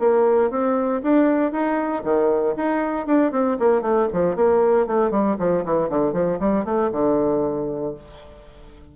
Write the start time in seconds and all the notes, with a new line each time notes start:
0.00 A#3
0.51 C4
1.03 D4
1.52 D#4
2.04 D#3
2.57 D#4
3.07 D4
3.32 C4
3.60 A#3
3.82 A3
4.13 F3
4.36 A#3
4.87 A3
5.11 G3
5.39 F3
5.65 E3
5.90 D3
6.14 F3
6.40 G3
6.65 A3
6.92 D3